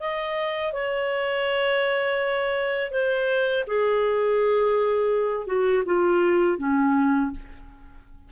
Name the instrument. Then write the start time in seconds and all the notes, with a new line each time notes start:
clarinet
0.00 D#5
0.73 C#5
2.91 C5
3.67 G#4
5.47 F#4
5.86 F4
6.59 C#4